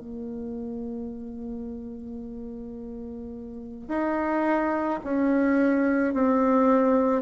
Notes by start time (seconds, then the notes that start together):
0.00 A#3
3.88 D#4
5.04 C#4
6.14 C4